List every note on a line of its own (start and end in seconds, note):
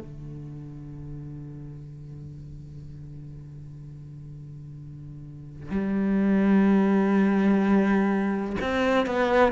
0.00 5.71 D3
5.71 8.56 G3
8.61 9.06 C4
9.06 9.52 B3